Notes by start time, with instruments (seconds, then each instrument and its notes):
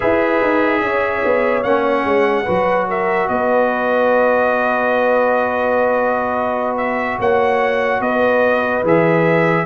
0.00 tuba E4, trombone G#4, horn B4, trumpet E5
0.42 tuba D#4
0.81 tuba C#4, horn C#5
1.24 tuba B3
1.63 tuba A#3, trombone C#4, trumpet F#5
2.04 tuba G#3
2.44 tuba F#3, trombone F#4, horn B4
2.88 horn A#4, trumpet E5
3.28 tuba B3, horn B4, trumpet D#5
6.77 trumpet E5
7.19 tuba A#3, horn C#5, trumpet F#5
8.00 tuba B3, horn B4, trumpet D#5
8.83 tuba E3, trombone G#4, trumpet E5